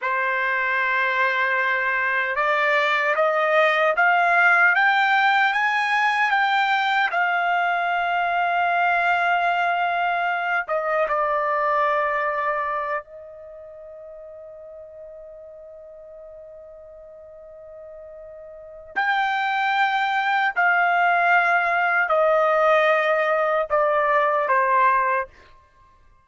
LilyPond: \new Staff \with { instrumentName = "trumpet" } { \time 4/4 \tempo 4 = 76 c''2. d''4 | dis''4 f''4 g''4 gis''4 | g''4 f''2.~ | f''4. dis''8 d''2~ |
d''8 dis''2.~ dis''8~ | dis''1 | g''2 f''2 | dis''2 d''4 c''4 | }